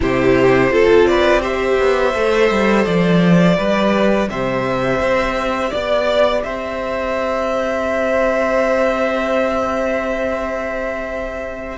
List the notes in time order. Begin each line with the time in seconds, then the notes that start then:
0.00 C3 E4 G4 C5
0.71 C4 F4 A4
1.06 B4 D5
1.41 G4 C5 E5
1.78 B3
2.14 A3 A4
2.50 G3
2.85 F3 D5
3.56 G3 G4 B4
4.30 C3 C5 E5
4.99 C4
5.70 B3 D5
6.43 C4 C5 E5